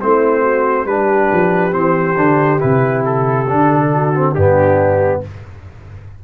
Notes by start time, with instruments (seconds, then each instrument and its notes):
0.00 tuba A3, trombone C4, horn E4, trumpet C5
0.41 horn F#4
0.85 tuba G3, trombone D4, horn G4, trumpet B4
1.32 tuba F3
1.70 tuba E3, trombone C4, trumpet C5
2.16 tuba D3, trombone D4
2.59 tuba C3, trombone E4, trumpet B4
3.05 trumpet A4
3.48 tuba D3, trombone D4
3.92 horn F#4
4.14 trombone C4
4.34 tuba G2, trombone B3, horn D4, trumpet G4